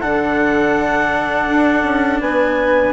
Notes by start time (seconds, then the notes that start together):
0.00 D3 D4 A4 F#5
1.48 D4
1.83 C#4
2.20 B3 B4 G#5